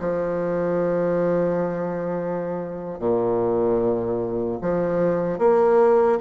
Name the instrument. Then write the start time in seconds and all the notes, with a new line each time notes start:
bassoon
0.00 F3
2.99 A#2
4.61 F3
5.39 A#3